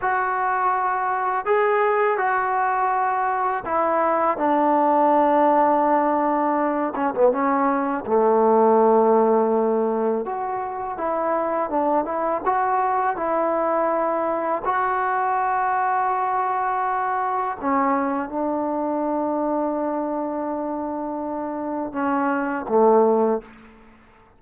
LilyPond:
\new Staff \with { instrumentName = "trombone" } { \time 4/4 \tempo 4 = 82 fis'2 gis'4 fis'4~ | fis'4 e'4 d'2~ | d'4. cis'16 b16 cis'4 a4~ | a2 fis'4 e'4 |
d'8 e'8 fis'4 e'2 | fis'1 | cis'4 d'2.~ | d'2 cis'4 a4 | }